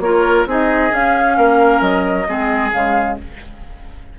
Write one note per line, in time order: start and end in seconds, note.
0.00 0.45 A#3
0.00 0.48 F4
0.00 0.49 A#4
0.00 0.46 C#5
0.46 0.92 C4
0.46 0.90 D#4
0.46 1.38 G#4
0.46 0.95 D#5
0.90 2.26 C#4
0.90 1.38 C#4
0.90 1.81 F5
1.38 1.81 A#3
1.38 2.28 A#4
1.81 2.27 F#3
1.81 2.72 D#5
2.28 2.73 G#3
2.28 2.73 C4
2.28 3.19 G#4
2.73 3.18 C#3
2.73 3.19 G#3
2.73 3.18 F5